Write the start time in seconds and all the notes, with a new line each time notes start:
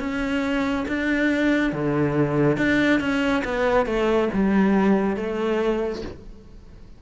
0.00 C#4
0.88 D4
1.73 D3
2.58 D4
3.00 C#4
3.44 B3
3.86 A3
4.33 G3
5.17 A3